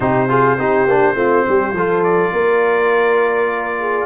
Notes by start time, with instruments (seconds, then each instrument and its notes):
0.00 tuba C3, trombone D#4, horn G4, trumpet C5
0.29 trombone F4, horn G#4
0.58 tuba C4, trombone D#4, horn G4
0.87 tuba A#3, trombone D4
1.15 tuba A3, trombone C4, horn F4
1.48 tuba G3, horn G4
1.72 tuba F3, trombone F4, horn A4
2.03 trumpet D5
2.32 tuba A#3, horn A#4
3.79 horn G#4